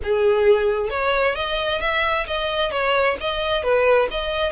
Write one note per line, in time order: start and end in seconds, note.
0.03 0.90 G#4
0.90 1.35 C#5
1.35 1.80 D#5
1.81 2.26 E5
2.26 2.71 D#5
2.71 3.16 C#5
3.20 3.63 D#5
3.63 4.08 B4
4.10 4.52 D#5